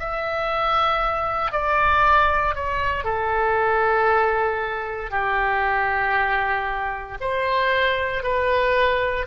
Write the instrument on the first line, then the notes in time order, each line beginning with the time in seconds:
oboe
0.00 E5
1.52 D5
2.55 C#5
3.05 A4
5.11 G4
7.21 C5
8.23 B4